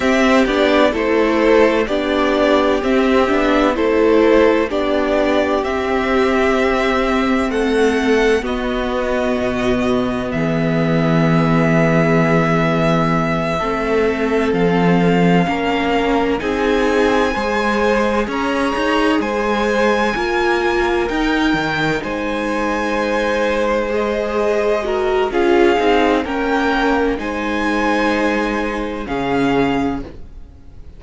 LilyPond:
<<
  \new Staff \with { instrumentName = "violin" } { \time 4/4 \tempo 4 = 64 e''8 d''8 c''4 d''4 e''4 | c''4 d''4 e''2 | fis''4 dis''2 e''4~ | e''2.~ e''8 f''8~ |
f''4. gis''2 ais''8~ | ais''8 gis''2 g''4 gis''8~ | gis''4. dis''4. f''4 | g''4 gis''2 f''4 | }
  \new Staff \with { instrumentName = "violin" } { \time 4/4 g'4 a'4 g'2 | a'4 g'2. | a'4 fis'2 gis'4~ | gis'2~ gis'8 a'4.~ |
a'8 ais'4 gis'4 c''4 cis''8~ | cis''8 c''4 ais'2 c''8~ | c''2~ c''8 ais'8 gis'4 | ais'4 c''2 gis'4 | }
  \new Staff \with { instrumentName = "viola" } { \time 4/4 c'8 d'8 e'4 d'4 c'8 d'8 | e'4 d'4 c'2~ | c'4 b2.~ | b2~ b8 c'4.~ |
c'8 cis'4 dis'4 gis'4.~ | gis'4. f'4 dis'4.~ | dis'4. gis'4 fis'8 f'8 dis'8 | cis'4 dis'2 cis'4 | }
  \new Staff \with { instrumentName = "cello" } { \time 4/4 c'8 b8 a4 b4 c'8 b8 | a4 b4 c'2 | a4 b4 b,4 e4~ | e2~ e8 a4 f8~ |
f8 ais4 c'4 gis4 cis'8 | dis'8 gis4 ais4 dis'8 dis8 gis8~ | gis2. cis'8 c'8 | ais4 gis2 cis4 | }
>>